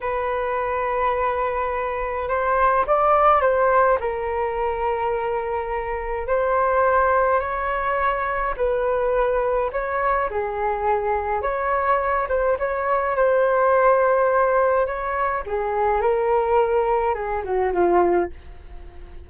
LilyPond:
\new Staff \with { instrumentName = "flute" } { \time 4/4 \tempo 4 = 105 b'1 | c''4 d''4 c''4 ais'4~ | ais'2. c''4~ | c''4 cis''2 b'4~ |
b'4 cis''4 gis'2 | cis''4. c''8 cis''4 c''4~ | c''2 cis''4 gis'4 | ais'2 gis'8 fis'8 f'4 | }